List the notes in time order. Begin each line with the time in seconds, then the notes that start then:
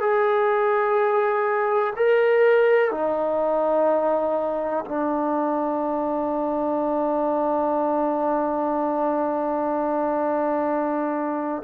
0.00 G#4
1.96 A#4
2.91 D#4
4.85 D4